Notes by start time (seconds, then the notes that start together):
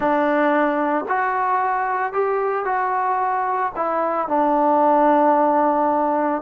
0.00 D4
1.08 F#4
2.12 G4
2.65 F#4
3.75 E4
4.28 D4